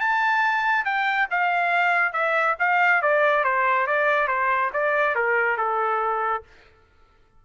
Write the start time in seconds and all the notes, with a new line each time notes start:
0.00 A5
0.85 G5
1.30 F5
2.13 E5
2.59 F5
3.02 D5
3.44 C5
3.87 D5
4.28 C5
4.73 D5
5.15 A#4
5.57 A4